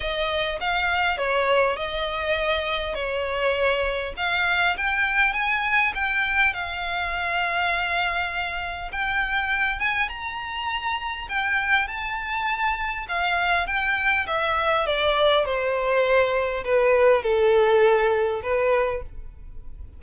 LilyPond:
\new Staff \with { instrumentName = "violin" } { \time 4/4 \tempo 4 = 101 dis''4 f''4 cis''4 dis''4~ | dis''4 cis''2 f''4 | g''4 gis''4 g''4 f''4~ | f''2. g''4~ |
g''8 gis''8 ais''2 g''4 | a''2 f''4 g''4 | e''4 d''4 c''2 | b'4 a'2 b'4 | }